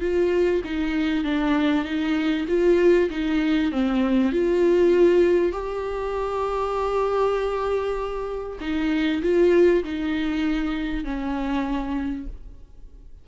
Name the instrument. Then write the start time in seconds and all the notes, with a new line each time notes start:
viola
0.00 F4
0.64 D#4
1.24 D4
1.84 D#4
2.48 F4
3.10 D#4
3.71 C4
4.32 F4
5.52 G4
8.60 D#4
9.22 F4
9.83 D#4
11.04 C#4